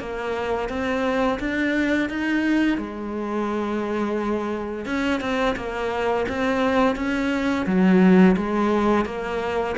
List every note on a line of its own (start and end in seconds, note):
0.00 0.69 A#3
0.69 1.39 C4
1.40 2.09 D4
2.10 2.78 D#4
2.78 4.86 G#3
4.86 5.21 C#4
5.21 5.56 C4
5.57 6.26 A#3
6.29 6.96 C4
6.96 7.66 C#4
7.66 8.36 F#3
8.37 9.06 G#3
9.06 9.75 A#3